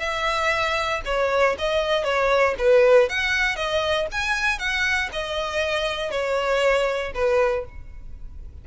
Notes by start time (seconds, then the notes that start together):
0.00 E5
1.06 C#5
1.59 D#5
2.04 C#5
2.59 B4
3.09 F#5
3.57 D#5
4.12 G#5
4.59 F#5
5.13 D#5
6.11 C#5
7.15 B4